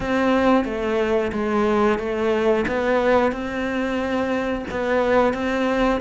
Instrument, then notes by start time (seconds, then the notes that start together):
cello
0.00 C4
0.65 A3
1.32 G#3
1.98 A3
2.67 B3
3.32 C4
4.71 B3
5.33 C4